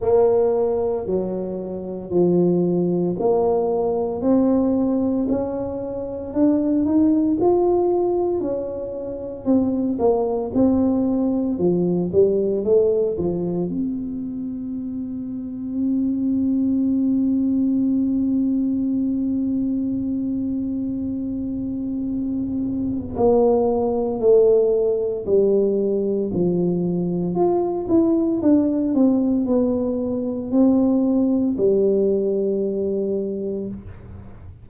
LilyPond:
\new Staff \with { instrumentName = "tuba" } { \time 4/4 \tempo 4 = 57 ais4 fis4 f4 ais4 | c'4 cis'4 d'8 dis'8 f'4 | cis'4 c'8 ais8 c'4 f8 g8 | a8 f8 c'2.~ |
c'1~ | c'2 ais4 a4 | g4 f4 f'8 e'8 d'8 c'8 | b4 c'4 g2 | }